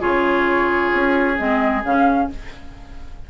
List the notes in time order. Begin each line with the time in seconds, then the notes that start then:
0.00 C#3 F4 G#4 C#5
0.93 C#4
1.38 G#3 C4 D#5
1.83 C#3 C#4 F5